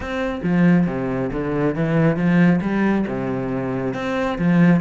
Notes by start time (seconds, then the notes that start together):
0.00 C4
0.43 F3
0.86 C3
1.32 D3
1.75 E3
2.16 F3
2.61 G3
3.07 C3
3.94 C4
4.38 F3